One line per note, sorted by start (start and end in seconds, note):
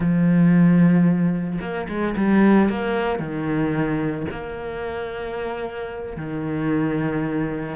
0.00 1.59 F3
1.60 1.87 A#3
1.88 2.15 G#3
2.16 2.69 G3
2.69 3.19 A#3
3.19 4.26 D#3
4.31 6.16 A#3
6.16 7.76 D#3